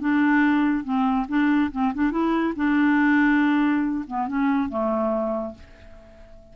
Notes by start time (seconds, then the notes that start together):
0.00 D4
0.84 C4
1.28 D4
1.72 C4
1.94 D4
2.11 E4
2.56 D4
4.07 B3
4.27 C#4
4.69 A3